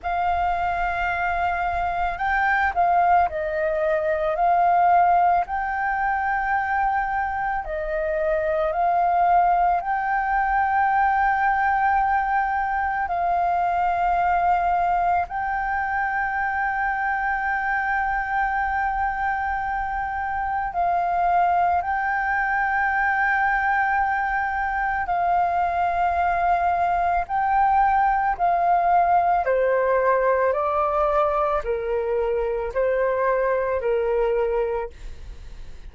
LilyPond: \new Staff \with { instrumentName = "flute" } { \time 4/4 \tempo 4 = 55 f''2 g''8 f''8 dis''4 | f''4 g''2 dis''4 | f''4 g''2. | f''2 g''2~ |
g''2. f''4 | g''2. f''4~ | f''4 g''4 f''4 c''4 | d''4 ais'4 c''4 ais'4 | }